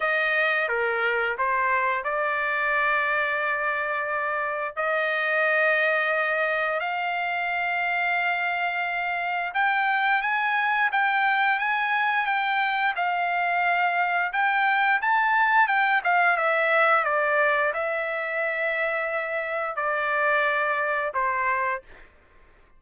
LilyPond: \new Staff \with { instrumentName = "trumpet" } { \time 4/4 \tempo 4 = 88 dis''4 ais'4 c''4 d''4~ | d''2. dis''4~ | dis''2 f''2~ | f''2 g''4 gis''4 |
g''4 gis''4 g''4 f''4~ | f''4 g''4 a''4 g''8 f''8 | e''4 d''4 e''2~ | e''4 d''2 c''4 | }